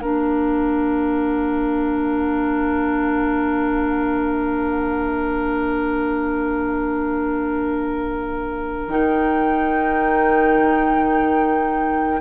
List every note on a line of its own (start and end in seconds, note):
0.00 8.88 A#3
0.00 8.90 D4
0.00 12.21 A#4
0.00 8.89 F5
8.88 12.21 D#3
8.88 12.21 D#4
8.88 12.21 G5